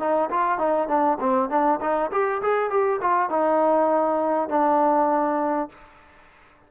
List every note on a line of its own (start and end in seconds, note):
0.00 0.30 D#4
0.31 0.59 F4
0.59 0.88 D#4
0.88 1.18 D4
1.20 1.50 C4
1.50 1.80 D4
1.81 2.11 D#4
2.12 2.42 G4
2.42 2.70 G#4
2.70 3.00 G4
3.01 3.30 F4
3.30 4.49 D#4
4.49 5.69 D4